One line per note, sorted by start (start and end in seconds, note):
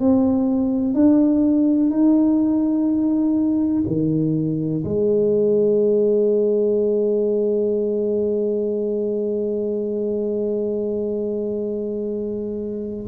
0.00 0.94 C4
0.94 1.90 D4
1.90 3.84 D#4
3.87 4.83 D#3
4.84 13.07 G#3